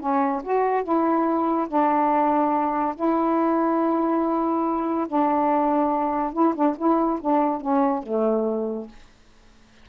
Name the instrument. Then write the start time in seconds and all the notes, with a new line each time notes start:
saxophone
0.00 C#4
0.44 F#4
0.84 E4
1.68 D4
2.96 E4
5.08 D4
6.33 E4
6.55 D4
6.78 E4
7.21 D4
7.61 C#4
8.03 A3